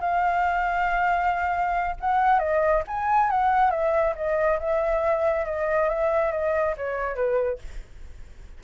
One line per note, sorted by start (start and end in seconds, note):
0.00 1.96 F5
2.00 2.39 F#5
2.39 2.82 D#5
2.87 3.30 G#5
3.30 3.71 F#5
3.71 4.14 E5
4.15 4.59 D#5
4.59 5.45 E5
5.45 5.89 D#5
5.89 6.32 E5
6.32 6.75 D#5
6.77 7.15 C#5
7.15 7.58 B4